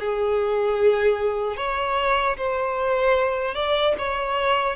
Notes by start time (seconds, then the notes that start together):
0.00 G#4
1.57 C#5
2.37 C5
3.55 D5
3.99 C#5